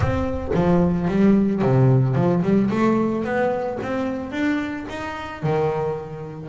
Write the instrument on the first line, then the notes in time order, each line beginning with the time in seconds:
double bass
0.00 C4
0.54 F3
1.07 G3
1.62 C3
2.15 F3
2.43 G3
2.70 A3
3.24 B3
3.82 C4
4.31 D4
4.89 D#4
5.42 D#3